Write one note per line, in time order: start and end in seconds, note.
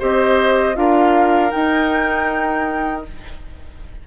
0.00 0.77 C4
0.00 0.75 G4
0.00 0.76 C5
0.00 0.76 D#5
0.75 1.53 D4
0.75 1.51 F4
0.75 3.07 A#4
0.75 1.52 F5
1.51 3.03 D#4
1.51 3.07 D#4
1.51 3.03 G5